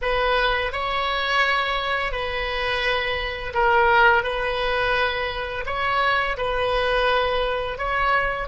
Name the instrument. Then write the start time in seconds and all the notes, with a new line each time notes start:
oboe
0.01 B4
0.72 C#5
2.12 B4
3.54 A#4
4.23 B4
5.66 C#5
6.37 B4
7.77 C#5